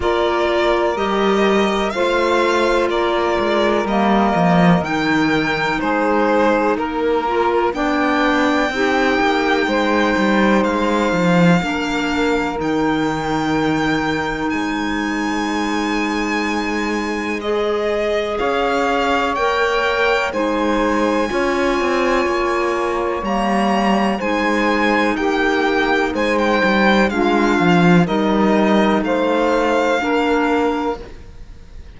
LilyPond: <<
  \new Staff \with { instrumentName = "violin" } { \time 4/4 \tempo 4 = 62 d''4 dis''4 f''4 d''4 | dis''4 g''4 c''4 ais'4 | g''2. f''4~ | f''4 g''2 gis''4~ |
gis''2 dis''4 f''4 | g''4 gis''2. | ais''4 gis''4 g''4 gis''16 g''8. | f''4 dis''4 f''2 | }
  \new Staff \with { instrumentName = "saxophone" } { \time 4/4 ais'2 c''4 ais'4~ | ais'2 gis'4 ais'4 | d''4 g'4 c''2 | ais'2. c''4~ |
c''2. cis''4~ | cis''4 c''4 cis''2~ | cis''4 c''4 g'4 c''4 | f'4 ais'4 c''4 ais'4 | }
  \new Staff \with { instrumentName = "clarinet" } { \time 4/4 f'4 g'4 f'2 | ais4 dis'2~ dis'8 f'8 | d'4 dis'2. | d'4 dis'2.~ |
dis'2 gis'2 | ais'4 dis'4 f'2 | ais4 dis'2. | d'4 dis'2 d'4 | }
  \new Staff \with { instrumentName = "cello" } { \time 4/4 ais4 g4 a4 ais8 gis8 | g8 f8 dis4 gis4 ais4 | b4 c'8 ais8 gis8 g8 gis8 f8 | ais4 dis2 gis4~ |
gis2. cis'4 | ais4 gis4 cis'8 c'8 ais4 | g4 gis4 ais4 gis8 g8 | gis8 f8 g4 a4 ais4 | }
>>